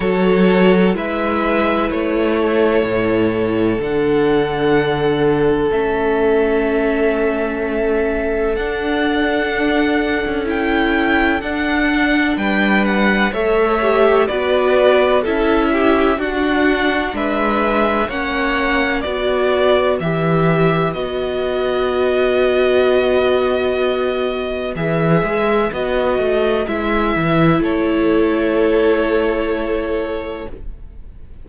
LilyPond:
<<
  \new Staff \with { instrumentName = "violin" } { \time 4/4 \tempo 4 = 63 cis''4 e''4 cis''2 | fis''2 e''2~ | e''4 fis''2 g''4 | fis''4 g''8 fis''8 e''4 d''4 |
e''4 fis''4 e''4 fis''4 | d''4 e''4 dis''2~ | dis''2 e''4 dis''4 | e''4 cis''2. | }
  \new Staff \with { instrumentName = "violin" } { \time 4/4 a'4 b'4. a'4.~ | a'1~ | a'1~ | a'4 b'4 cis''4 b'4 |
a'8 g'8 fis'4 b'4 cis''4 | b'1~ | b'1~ | b'4 a'2. | }
  \new Staff \with { instrumentName = "viola" } { \time 4/4 fis'4 e'2. | d'2 cis'2~ | cis'4 d'2 e'4 | d'2 a'8 g'8 fis'4 |
e'4 d'2 cis'4 | fis'4 g'4 fis'2~ | fis'2 gis'4 fis'4 | e'1 | }
  \new Staff \with { instrumentName = "cello" } { \time 4/4 fis4 gis4 a4 a,4 | d2 a2~ | a4 d'4.~ d'16 cis'4~ cis'16 | d'4 g4 a4 b4 |
cis'4 d'4 gis4 ais4 | b4 e4 b2~ | b2 e8 gis8 b8 a8 | gis8 e8 a2. | }
>>